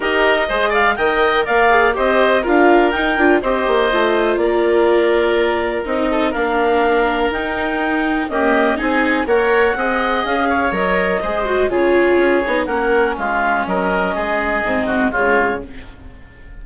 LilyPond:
<<
  \new Staff \with { instrumentName = "clarinet" } { \time 4/4 \tempo 4 = 123 dis''4. f''8 g''4 f''4 | dis''4 f''4 g''4 dis''4~ | dis''4 d''2. | dis''4 f''2 g''4~ |
g''4 dis''4 gis''4 fis''4~ | fis''4 f''4 dis''2 | cis''2 fis''4 f''4 | dis''2. cis''4 | }
  \new Staff \with { instrumentName = "oboe" } { \time 4/4 ais'4 c''8 d''8 dis''4 d''4 | c''4 ais'2 c''4~ | c''4 ais'2.~ | ais'8 a'8 ais'2.~ |
ais'4 g'4 gis'4 cis''4 | dis''4. cis''4. c''4 | gis'2 ais'4 f'4 | ais'4 gis'4. fis'8 f'4 | }
  \new Staff \with { instrumentName = "viola" } { \time 4/4 g'4 gis'4 ais'4. gis'8 | g'4 f'4 dis'8 f'8 g'4 | f'1 | dis'4 d'2 dis'4~ |
dis'4 ais4 dis'4 ais'4 | gis'2 ais'4 gis'8 fis'8 | f'4. dis'8 cis'2~ | cis'2 c'4 gis4 | }
  \new Staff \with { instrumentName = "bassoon" } { \time 4/4 dis'4 gis4 dis4 ais4 | c'4 d'4 dis'8 d'8 c'8 ais8 | a4 ais2. | c'4 ais2 dis'4~ |
dis'4 cis'4 c'4 ais4 | c'4 cis'4 fis4 gis4 | cis4 cis'8 b8 ais4 gis4 | fis4 gis4 gis,4 cis4 | }
>>